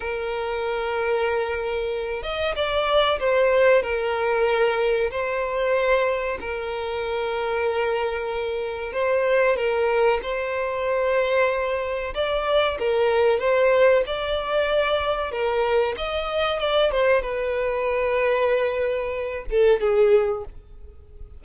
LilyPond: \new Staff \with { instrumentName = "violin" } { \time 4/4 \tempo 4 = 94 ais'2.~ ais'8 dis''8 | d''4 c''4 ais'2 | c''2 ais'2~ | ais'2 c''4 ais'4 |
c''2. d''4 | ais'4 c''4 d''2 | ais'4 dis''4 d''8 c''8 b'4~ | b'2~ b'8 a'8 gis'4 | }